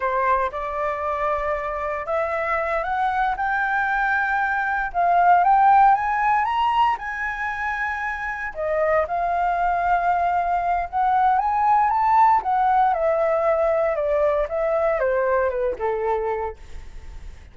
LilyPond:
\new Staff \with { instrumentName = "flute" } { \time 4/4 \tempo 4 = 116 c''4 d''2. | e''4. fis''4 g''4.~ | g''4. f''4 g''4 gis''8~ | gis''8 ais''4 gis''2~ gis''8~ |
gis''8 dis''4 f''2~ f''8~ | f''4 fis''4 gis''4 a''4 | fis''4 e''2 d''4 | e''4 c''4 b'8 a'4. | }